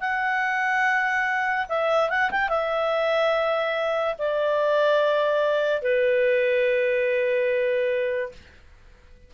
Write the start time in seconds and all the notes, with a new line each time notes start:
0.00 F#5
1.69 E5
2.10 F#5
2.31 G5
2.49 E5
4.19 D5
5.83 B4